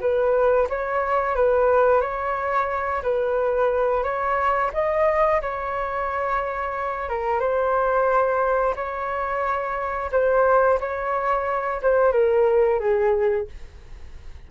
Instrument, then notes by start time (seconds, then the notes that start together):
flute
0.00 B4
0.69 C#5
1.35 B4
2.00 C#5
3.02 B4
4.03 C#5
4.73 D#5
5.41 C#5
7.08 A#4
7.39 C5
8.75 C#5
10.11 C5
10.80 C#5
11.82 C5
12.12 A#4
12.79 G#4